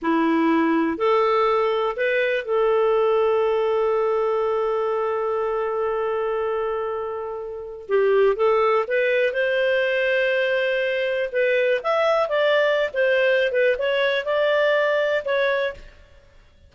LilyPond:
\new Staff \with { instrumentName = "clarinet" } { \time 4/4 \tempo 4 = 122 e'2 a'2 | b'4 a'2.~ | a'1~ | a'1 |
g'4 a'4 b'4 c''4~ | c''2. b'4 | e''4 d''4~ d''16 c''4~ c''16 b'8 | cis''4 d''2 cis''4 | }